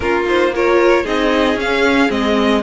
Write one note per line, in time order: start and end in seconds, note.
0.00 1.05 A#3
0.00 0.24 C#4
0.00 0.54 F4
0.00 0.25 A#4
0.25 0.52 D#4
0.25 0.54 C5
0.54 1.04 F4
0.54 1.03 A#4
0.54 1.06 C#5
1.03 1.55 C4
1.03 1.57 D#4
1.03 2.61 G#4
1.03 1.58 D#5
1.55 2.08 C#4
1.55 2.10 F5
2.08 2.63 G#3
2.08 2.61 C4
2.08 2.63 D#5